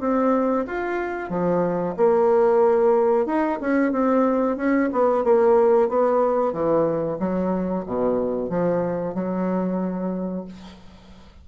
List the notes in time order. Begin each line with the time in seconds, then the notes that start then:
0.00 C4
0.67 F4
1.29 F3
1.97 A#3
3.26 D#4
3.60 C#4
3.92 C4
4.57 C#4
4.92 B3
5.24 A#3
5.89 B3
6.52 E3
7.19 F#3
7.86 B2
8.49 F3
9.14 F#3